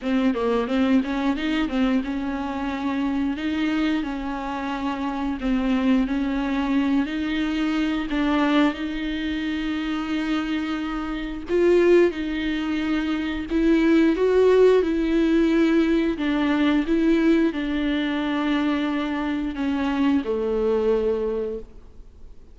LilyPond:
\new Staff \with { instrumentName = "viola" } { \time 4/4 \tempo 4 = 89 c'8 ais8 c'8 cis'8 dis'8 c'8 cis'4~ | cis'4 dis'4 cis'2 | c'4 cis'4. dis'4. | d'4 dis'2.~ |
dis'4 f'4 dis'2 | e'4 fis'4 e'2 | d'4 e'4 d'2~ | d'4 cis'4 a2 | }